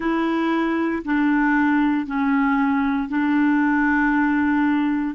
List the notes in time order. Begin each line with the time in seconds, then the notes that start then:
0.00 E4
1.04 D4
2.06 C#4
3.08 D4